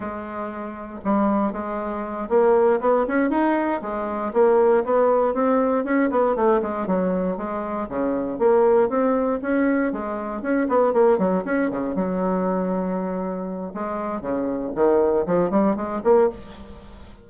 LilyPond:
\new Staff \with { instrumentName = "bassoon" } { \time 4/4 \tempo 4 = 118 gis2 g4 gis4~ | gis8 ais4 b8 cis'8 dis'4 gis8~ | gis8 ais4 b4 c'4 cis'8 | b8 a8 gis8 fis4 gis4 cis8~ |
cis8 ais4 c'4 cis'4 gis8~ | gis8 cis'8 b8 ais8 fis8 cis'8 cis8 fis8~ | fis2. gis4 | cis4 dis4 f8 g8 gis8 ais8 | }